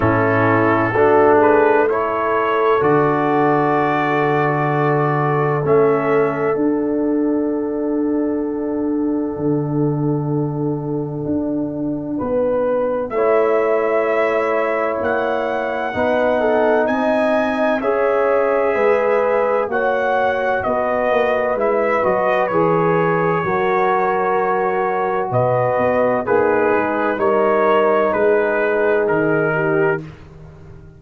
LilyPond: <<
  \new Staff \with { instrumentName = "trumpet" } { \time 4/4 \tempo 4 = 64 a'4. b'8 cis''4 d''4~ | d''2 e''4 fis''4~ | fis''1~ | fis''2 e''2 |
fis''2 gis''4 e''4~ | e''4 fis''4 dis''4 e''8 dis''8 | cis''2. dis''4 | b'4 cis''4 b'4 ais'4 | }
  \new Staff \with { instrumentName = "horn" } { \time 4/4 e'4 fis'8 gis'8 a'2~ | a'1~ | a'1~ | a'4 b'4 cis''2~ |
cis''4 b'8 a'8 dis''4 cis''4 | b'4 cis''4 b'2~ | b'4 ais'2 b'4 | dis'4 ais'4 gis'4. g'8 | }
  \new Staff \with { instrumentName = "trombone" } { \time 4/4 cis'4 d'4 e'4 fis'4~ | fis'2 cis'4 d'4~ | d'1~ | d'2 e'2~ |
e'4 dis'2 gis'4~ | gis'4 fis'2 e'8 fis'8 | gis'4 fis'2. | gis'4 dis'2. | }
  \new Staff \with { instrumentName = "tuba" } { \time 4/4 a,4 a2 d4~ | d2 a4 d'4~ | d'2 d2 | d'4 b4 a2 |
ais4 b4 c'4 cis'4 | gis4 ais4 b8 ais8 gis8 fis8 | e4 fis2 b,8 b8 | ais8 gis8 g4 gis4 dis4 | }
>>